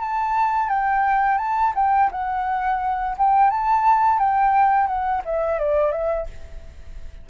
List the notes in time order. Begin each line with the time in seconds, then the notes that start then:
0.00 A5
0.69 G5
1.38 A5
1.75 G5
2.11 F#5
3.17 G5
3.50 A5
4.19 G5
4.86 F#5
5.25 E5
5.58 D5
5.91 E5